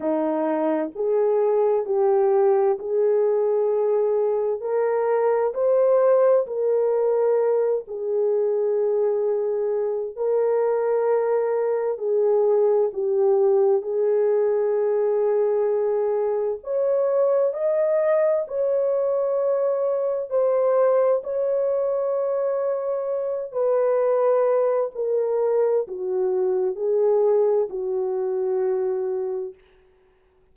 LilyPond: \new Staff \with { instrumentName = "horn" } { \time 4/4 \tempo 4 = 65 dis'4 gis'4 g'4 gis'4~ | gis'4 ais'4 c''4 ais'4~ | ais'8 gis'2~ gis'8 ais'4~ | ais'4 gis'4 g'4 gis'4~ |
gis'2 cis''4 dis''4 | cis''2 c''4 cis''4~ | cis''4. b'4. ais'4 | fis'4 gis'4 fis'2 | }